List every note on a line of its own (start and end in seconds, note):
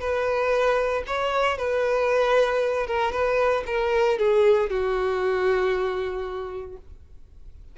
0.00 1.03 B4
1.07 1.58 C#5
1.58 2.87 B4
2.87 3.12 A#4
3.12 3.64 B4
3.67 4.18 A#4
4.19 4.70 G#4
4.70 6.77 F#4